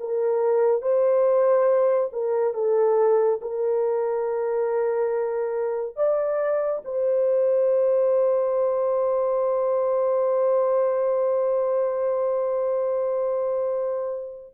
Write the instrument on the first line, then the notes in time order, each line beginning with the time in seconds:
horn
0.00 A#4
0.82 C5
2.13 A#4
2.54 A4
3.41 A#4
5.96 D5
6.85 C5